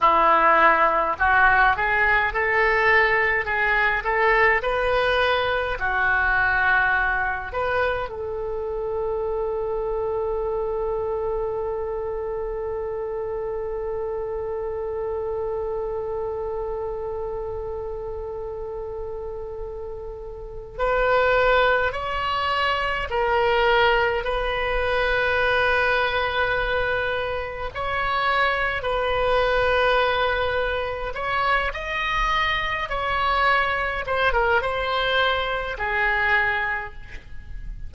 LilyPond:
\new Staff \with { instrumentName = "oboe" } { \time 4/4 \tempo 4 = 52 e'4 fis'8 gis'8 a'4 gis'8 a'8 | b'4 fis'4. b'8 a'4~ | a'1~ | a'1~ |
a'2 b'4 cis''4 | ais'4 b'2. | cis''4 b'2 cis''8 dis''8~ | dis''8 cis''4 c''16 ais'16 c''4 gis'4 | }